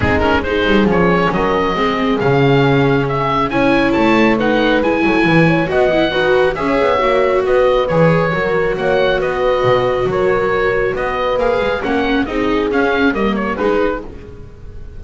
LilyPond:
<<
  \new Staff \with { instrumentName = "oboe" } { \time 4/4 \tempo 4 = 137 gis'8 ais'8 c''4 cis''4 dis''4~ | dis''4 f''2 e''4 | gis''4 a''4 fis''4 gis''4~ | gis''4 fis''2 e''4~ |
e''4 dis''4 cis''2 | fis''4 dis''2 cis''4~ | cis''4 dis''4 f''4 fis''4 | dis''4 f''4 dis''8 cis''8 b'4 | }
  \new Staff \with { instrumentName = "horn" } { \time 4/4 dis'4 gis'2 ais'4 | gis'1 | cis''2 b'4. a'8 | b'8 cis''8 dis''4 b'4 cis''4~ |
cis''4 b'2 ais'4 | cis''4 b'2 ais'4~ | ais'4 b'2 ais'4 | gis'2 ais'4 gis'4 | }
  \new Staff \with { instrumentName = "viola" } { \time 4/4 c'8 cis'8 dis'4 cis'2 | c'4 cis'2. | e'2 dis'4 e'4~ | e'4 fis'8 e'8 fis'4 gis'4 |
fis'2 gis'4 fis'4~ | fis'1~ | fis'2 gis'4 cis'4 | dis'4 cis'4 ais4 dis'4 | }
  \new Staff \with { instrumentName = "double bass" } { \time 4/4 gis4. g8 f4 fis4 | gis4 cis2. | cis'4 a2 gis8 fis8 | e4 b4 dis'4 cis'8 b8 |
ais4 b4 e4 fis4 | ais4 b4 b,4 fis4~ | fis4 b4 ais8 gis8 ais4 | c'4 cis'4 g4 gis4 | }
>>